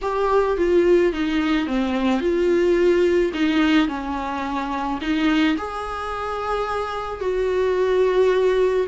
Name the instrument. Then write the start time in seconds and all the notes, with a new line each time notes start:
viola
0.01 G4
0.57 F4
1.12 D#4
1.66 C4
2.20 F4
3.33 D#4
3.87 C#4
5.01 D#4
5.57 G#4
7.20 F#4